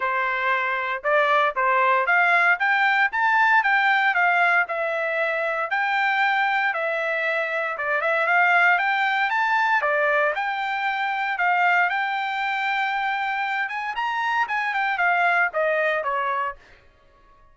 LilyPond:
\new Staff \with { instrumentName = "trumpet" } { \time 4/4 \tempo 4 = 116 c''2 d''4 c''4 | f''4 g''4 a''4 g''4 | f''4 e''2 g''4~ | g''4 e''2 d''8 e''8 |
f''4 g''4 a''4 d''4 | g''2 f''4 g''4~ | g''2~ g''8 gis''8 ais''4 | gis''8 g''8 f''4 dis''4 cis''4 | }